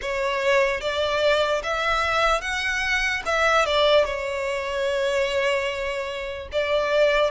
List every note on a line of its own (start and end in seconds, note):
0.01 0.81 C#5
0.81 1.62 D5
1.63 2.41 E5
2.41 3.22 F#5
3.25 3.65 E5
3.65 4.05 D5
4.05 6.48 C#5
6.52 7.30 D5